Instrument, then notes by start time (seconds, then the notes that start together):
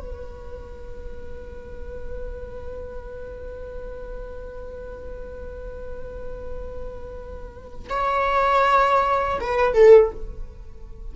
viola
0.00 B4
7.89 C#5
9.40 B4
9.74 A4